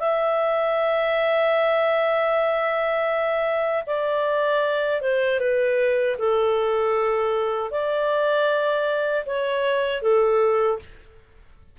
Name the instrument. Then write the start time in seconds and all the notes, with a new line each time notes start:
clarinet
0.00 E5
3.87 D5
5.01 C5
5.40 B4
6.19 A4
7.71 D5
9.26 C#5
10.02 A4